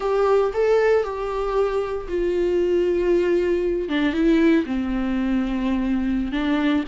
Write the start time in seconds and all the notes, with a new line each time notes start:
0.00 G4
0.53 A4
1.03 G4
2.08 F4
3.88 D4
4.13 E4
4.66 C4
6.32 D4